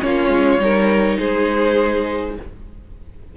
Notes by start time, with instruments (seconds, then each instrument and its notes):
0.00 cello A#3, viola C#4, violin F4 C#5
0.29 cello G#3
0.59 cello G3, viola D#4, violin A#4
1.18 cello G#3, violin G#4 C5